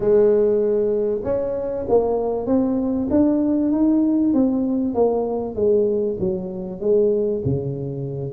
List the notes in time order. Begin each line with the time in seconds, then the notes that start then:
0.00 G#3
1.23 C#4
1.88 A#3
2.46 C4
3.10 D4
3.71 D#4
4.33 C4
4.94 A#3
5.55 G#3
6.19 F#3
6.80 G#3
7.44 C#3